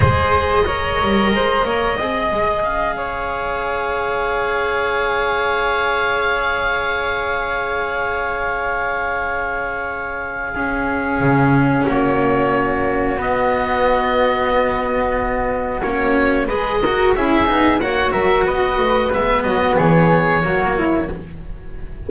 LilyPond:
<<
  \new Staff \with { instrumentName = "oboe" } { \time 4/4 \tempo 4 = 91 dis''1 | f''1~ | f''1~ | f''1~ |
f''2 cis''2 | dis''1 | cis''4 dis''4 e''4 fis''8 e''8 | dis''4 e''8 dis''8 cis''2 | }
  \new Staff \with { instrumentName = "flute" } { \time 4/4 c''4 cis''4 c''8 cis''8 dis''4~ | dis''8 cis''2.~ cis''8~ | cis''1~ | cis''1 |
gis'2 fis'2~ | fis'1~ | fis'4 b'8 ais'8 gis'4 cis''8 ais'8 | b'4. fis'8 gis'4 fis'8 e'8 | }
  \new Staff \with { instrumentName = "cello" } { \time 4/4 gis'4 ais'2 gis'4~ | gis'1~ | gis'1~ | gis'1 |
cis'1 | b1 | cis'4 gis'8 fis'8 e'8 dis'8 fis'4~ | fis'4 b2 ais4 | }
  \new Staff \with { instrumentName = "double bass" } { \time 4/4 gis4. g8 gis8 ais8 c'8 gis8 | cis'1~ | cis'1~ | cis'1~ |
cis'4 cis4 ais2 | b1 | ais4 gis4 cis'8 b8 ais8 fis8 | b8 a8 gis8 fis8 e4 fis4 | }
>>